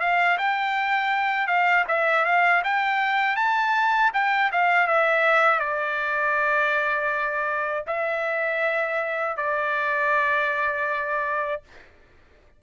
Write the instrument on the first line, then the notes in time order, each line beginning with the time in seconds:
trumpet
0.00 F5
0.38 G5
1.47 F5
1.88 E5
2.25 F5
2.64 G5
3.36 A5
4.14 G5
4.52 F5
4.87 E5
5.59 D5
7.87 E5
9.37 D5